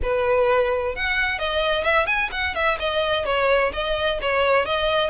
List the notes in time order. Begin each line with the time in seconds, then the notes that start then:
0.02 B4
0.95 F#5
1.38 D#5
1.84 E5
2.06 G#5
2.31 F#5
2.54 E5
2.79 D#5
3.25 C#5
3.72 D#5
4.21 C#5
4.65 D#5